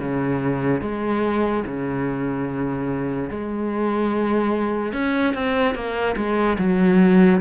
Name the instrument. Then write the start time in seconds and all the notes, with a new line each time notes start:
cello
0.00 C#3
0.82 G#3
1.67 C#3
3.30 G#3
4.94 C#4
5.35 C4
5.75 A#3
6.17 G#3
6.59 F#3